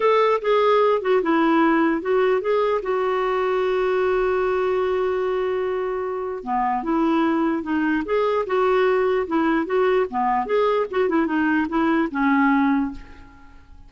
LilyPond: \new Staff \with { instrumentName = "clarinet" } { \time 4/4 \tempo 4 = 149 a'4 gis'4. fis'8 e'4~ | e'4 fis'4 gis'4 fis'4~ | fis'1~ | fis'1 |
b4 e'2 dis'4 | gis'4 fis'2 e'4 | fis'4 b4 gis'4 fis'8 e'8 | dis'4 e'4 cis'2 | }